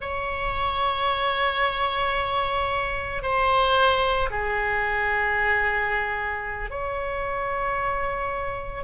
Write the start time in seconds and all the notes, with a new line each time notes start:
0.00 C#5
3.22 C5
4.30 G#4
6.70 C#5